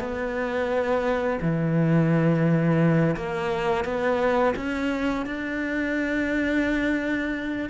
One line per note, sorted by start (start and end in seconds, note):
0.00 1.40 B3
1.42 3.16 E3
3.17 3.85 A#3
3.85 4.55 B3
4.57 5.26 C#4
5.26 7.70 D4